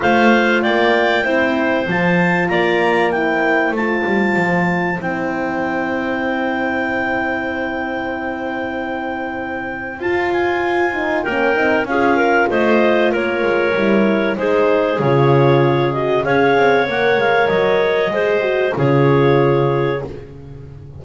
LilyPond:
<<
  \new Staff \with { instrumentName = "clarinet" } { \time 4/4 \tempo 4 = 96 f''4 g''2 a''4 | ais''4 g''4 a''2 | g''1~ | g''1 |
a''8 gis''4. g''4 f''4 | dis''4 cis''2 c''4 | cis''4. dis''8 f''4 fis''8 f''8 | dis''2 cis''2 | }
  \new Staff \with { instrumentName = "clarinet" } { \time 4/4 c''4 d''4 c''2 | d''4 c''2.~ | c''1~ | c''1~ |
c''2 ais'4 gis'8 ais'8 | c''4 ais'2 gis'4~ | gis'2 cis''2~ | cis''4 c''4 gis'2 | }
  \new Staff \with { instrumentName = "horn" } { \time 4/4 f'2 e'4 f'4~ | f'4 e'4 f'2 | e'1~ | e'1 |
f'4. dis'8 cis'8 dis'8 f'4~ | f'2 e'4 dis'4 | f'4. fis'8 gis'4 ais'4~ | ais'4 gis'8 fis'8 f'2 | }
  \new Staff \with { instrumentName = "double bass" } { \time 4/4 a4 ais4 c'4 f4 | ais2 a8 g8 f4 | c'1~ | c'1 |
f'2 ais8 c'8 cis'4 | a4 ais8 gis8 g4 gis4 | cis2 cis'8 c'8 ais8 gis8 | fis4 gis4 cis2 | }
>>